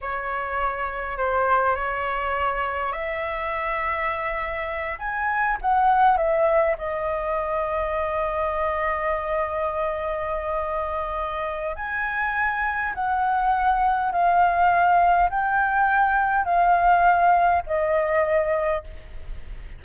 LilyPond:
\new Staff \with { instrumentName = "flute" } { \time 4/4 \tempo 4 = 102 cis''2 c''4 cis''4~ | cis''4 e''2.~ | e''8 gis''4 fis''4 e''4 dis''8~ | dis''1~ |
dis''1 | gis''2 fis''2 | f''2 g''2 | f''2 dis''2 | }